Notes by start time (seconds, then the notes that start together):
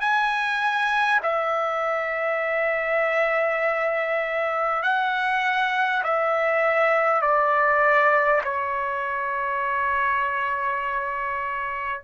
0.00 G#5
1.23 E5
4.82 F#5
6.03 E5
7.22 D5
8.44 C#5